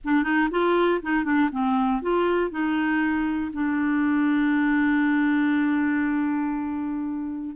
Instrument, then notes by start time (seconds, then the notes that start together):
clarinet
0.04 D4
0.23 D#4
0.50 F4
1.02 D#4
1.24 D4
1.51 C4
2.02 F4
2.50 D#4
3.53 D4